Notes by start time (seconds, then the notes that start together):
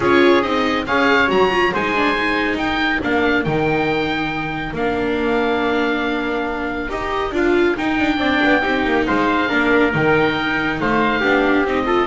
0.00 C#4 F4 G#4 C#5
0.42 C4 D#4 D#5
0.86 C#4 G#4 C#5 F5
1.27 F#3 F#4 A#5
1.51 F4
1.73 G#3 D#4 C5 G#5
1.95 D4
2.15 D#4
2.55 D#4 A#4 G5
3.01 A#3 D4 F5
3.44 D#3 D#4 G5
4.73 A#3 D4 F5
6.88 D#4 G4 D#5
7.31 D4 F4 F5
7.77 D#4 G5
7.99 D4
8.16 C4 D4 D5
8.44 B3
8.62 C4 D#4 G4
8.85 A#3
9.06 G#3 C5 F5
9.48 A#3 D4 A#4
9.92 D#3 D#4 G5
10.80 A3 C5 F5
11.20 B3 D4 G4
11.64 C4 D#4 D#5
11.85 F4 A4